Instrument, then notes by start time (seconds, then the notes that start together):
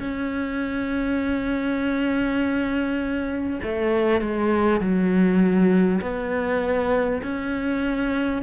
cello
0.00 C#4
3.63 A3
4.22 G#3
4.81 F#3
6.02 B3
7.23 C#4